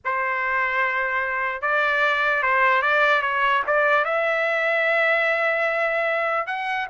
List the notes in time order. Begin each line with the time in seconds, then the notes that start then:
0.04 C5
1.61 D5
2.42 C5
2.82 D5
3.22 C#5
3.67 D5
4.04 E5
6.46 F#5